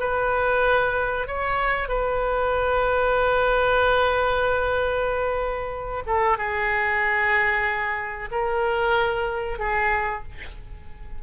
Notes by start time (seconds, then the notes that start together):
0.00 B4
1.27 C#5
1.89 B4
6.07 A4
6.38 G#4
8.32 A#4
9.59 G#4